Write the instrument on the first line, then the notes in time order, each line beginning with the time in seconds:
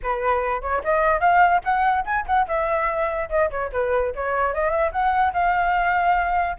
flute
0.02 B4
0.61 C#5
0.84 D#5
1.20 F5
1.63 F#5
2.05 G#5
2.26 F#5
2.47 E5
3.29 D#5
3.50 C#5
3.72 B4
4.15 C#5
4.54 D#5
4.70 E5
4.91 F#5
5.33 F5